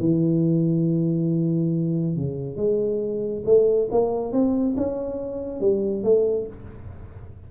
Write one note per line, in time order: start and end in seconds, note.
0.00 2.17 E3
2.17 2.57 C#3
2.57 3.44 G#3
3.46 3.89 A3
3.92 4.33 A#3
4.33 4.76 C4
4.77 5.61 C#4
5.61 6.04 G3
6.04 6.47 A3